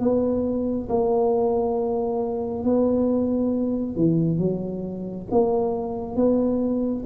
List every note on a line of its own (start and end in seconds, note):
0.00 0.88 B3
0.89 2.64 A#3
2.64 3.96 B3
3.96 4.38 E3
4.38 5.27 F#3
5.31 6.16 A#3
6.16 7.04 B3